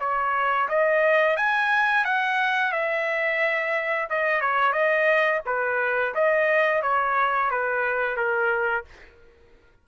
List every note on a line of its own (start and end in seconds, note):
0.00 0.68 C#5
0.68 1.37 D#5
1.37 2.05 G#5
2.05 2.72 F#5
2.72 4.08 E5
4.10 4.41 D#5
4.41 4.72 C#5
4.72 5.40 D#5
5.46 6.14 B4
6.15 6.82 D#5
6.82 7.50 C#5
7.51 8.17 B4
8.17 8.85 A#4